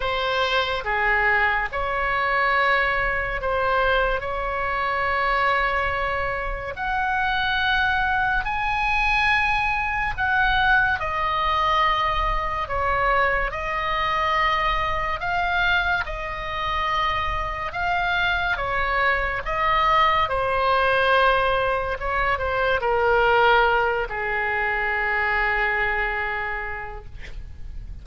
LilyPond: \new Staff \with { instrumentName = "oboe" } { \time 4/4 \tempo 4 = 71 c''4 gis'4 cis''2 | c''4 cis''2. | fis''2 gis''2 | fis''4 dis''2 cis''4 |
dis''2 f''4 dis''4~ | dis''4 f''4 cis''4 dis''4 | c''2 cis''8 c''8 ais'4~ | ais'8 gis'2.~ gis'8 | }